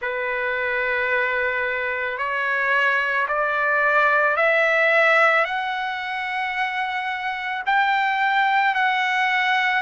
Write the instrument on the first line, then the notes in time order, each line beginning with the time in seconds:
trumpet
0.01 B4
2.18 C#5
3.28 D5
4.36 E5
5.44 F#5
7.66 G5
8.75 F#5